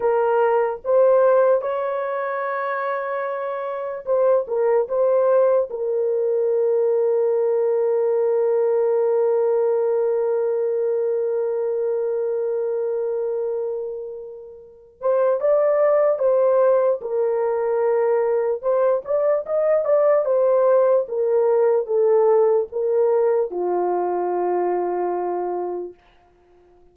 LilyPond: \new Staff \with { instrumentName = "horn" } { \time 4/4 \tempo 4 = 74 ais'4 c''4 cis''2~ | cis''4 c''8 ais'8 c''4 ais'4~ | ais'1~ | ais'1~ |
ais'2~ ais'8 c''8 d''4 | c''4 ais'2 c''8 d''8 | dis''8 d''8 c''4 ais'4 a'4 | ais'4 f'2. | }